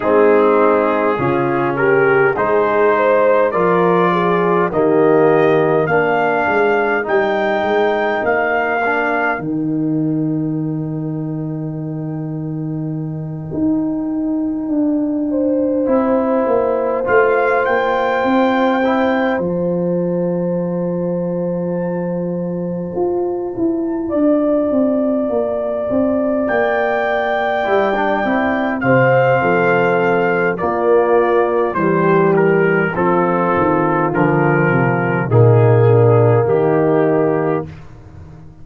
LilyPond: <<
  \new Staff \with { instrumentName = "trumpet" } { \time 4/4 \tempo 4 = 51 gis'4. ais'8 c''4 d''4 | dis''4 f''4 g''4 f''4 | g''1~ | g''2~ g''8 f''8 g''4~ |
g''8 a''2.~ a''8~ | a''2~ a''8 g''4.~ | g''8 f''4. d''4 c''8 ais'8 | a'4 ais'4 gis'4 g'4 | }
  \new Staff \with { instrumentName = "horn" } { \time 4/4 dis'4 f'8 g'8 gis'8 c''8 ais'8 gis'8 | g'4 ais'2.~ | ais'1~ | ais'4 c''2.~ |
c''1~ | c''8 d''2.~ d''8~ | d''8 c''8 a'4 f'4 g'4 | f'2 dis'8 d'8 dis'4 | }
  \new Staff \with { instrumentName = "trombone" } { \time 4/4 c'4 cis'4 dis'4 f'4 | ais4 d'4 dis'4. d'8 | dis'1~ | dis'4. e'4 f'4. |
e'8 f'2.~ f'8~ | f'2.~ f'8 e'16 d'16 | e'8 c'4. ais4 g4 | c'4 f4 ais2 | }
  \new Staff \with { instrumentName = "tuba" } { \time 4/4 gis4 cis4 gis4 f4 | dis4 ais8 gis8 g8 gis8 ais4 | dis2.~ dis8 dis'8~ | dis'8 d'4 c'8 ais8 a8 ais8 c'8~ |
c'8 f2. f'8 | e'8 d'8 c'8 ais8 c'8 ais4 g8 | c'8 c8 f4 ais4 e4 | f8 dis8 d8 c8 ais,4 dis4 | }
>>